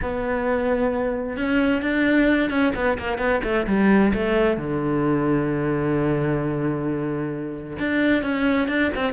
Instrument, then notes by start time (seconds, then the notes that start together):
cello
0.02 B3
1.36 C#4
1.82 D4
2.50 C#4
2.75 B3
2.98 A#3
3.17 B3
3.43 A3
3.66 G3
4.13 A3
4.57 D3
7.78 D4
8.22 C#4
8.68 D4
8.95 C4